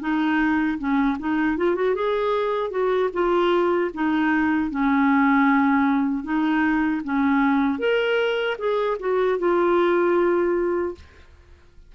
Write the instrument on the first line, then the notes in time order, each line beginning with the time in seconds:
clarinet
0.00 D#4
0.78 C#4
1.19 D#4
1.57 F4
1.75 F#4
1.95 G#4
2.70 F#4
3.13 F4
3.94 D#4
4.70 C#4
6.23 D#4
7.04 C#4
7.79 A#4
8.58 G#4
8.99 F#4
9.39 F4